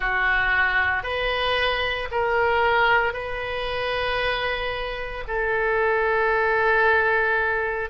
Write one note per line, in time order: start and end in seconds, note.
0.00 1.03 F#4
1.03 2.08 B4
2.11 3.13 A#4
3.13 5.23 B4
5.27 7.89 A4